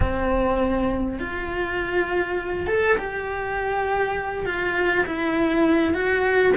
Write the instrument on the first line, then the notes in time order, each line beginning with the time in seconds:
cello
0.00 C4
1.19 F4
2.67 A4
2.97 G4
4.45 F4
5.06 E4
5.94 F#4